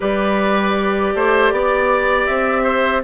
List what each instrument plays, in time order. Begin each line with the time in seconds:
0.00 bassoon G3, clarinet G4, oboe B4, flute D5
1.14 bassoon A3, oboe C5
1.52 bassoon B3, oboe D5
2.26 bassoon C4, flute E5
2.63 oboe C5